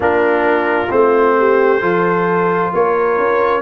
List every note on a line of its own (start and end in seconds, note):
0.00 0.88 A#3
0.00 0.87 D4
0.00 1.36 F4
0.00 0.91 A#4
0.90 1.81 A3
0.90 1.80 C4
0.90 2.73 C5
1.38 1.81 G4
1.80 2.72 F3
1.80 3.61 F4
1.80 2.72 A4
2.73 3.17 A#3
2.73 3.61 A#4
2.73 3.61 C#5
3.17 3.61 C#4